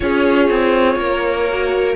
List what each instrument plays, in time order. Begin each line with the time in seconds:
0.00 cello C#4, viola F4, violin G#4 C#5
0.50 cello C4
0.96 cello A#3, violin A#4
1.49 viola F#4